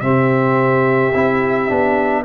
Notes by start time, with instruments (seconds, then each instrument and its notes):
0.00 tuba C3, trombone C4, horn G4, trumpet E5
1.14 tuba C4, trombone E4
1.68 tuba B3, trombone D4